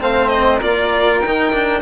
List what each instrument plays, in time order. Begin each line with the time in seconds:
0.00 bassoon A3, cello C4, flute C5, violin F5
0.28 violin D#5
0.58 bassoon A#3, cello F4, flute A#4, violin D5
1.20 bassoon D#3, violin G5
1.26 cello D#4
1.52 cello D4